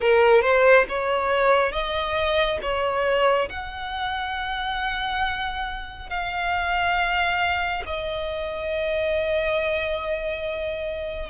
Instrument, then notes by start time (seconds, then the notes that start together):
violin
0.00 A#4
0.42 C5
0.89 C#5
1.72 D#5
2.62 C#5
3.49 F#5
6.09 F5
7.85 D#5